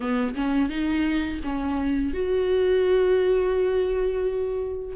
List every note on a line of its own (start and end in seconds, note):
0.00 0.34 B3
0.34 0.69 C#4
0.69 1.40 D#4
1.43 2.13 C#4
2.13 4.95 F#4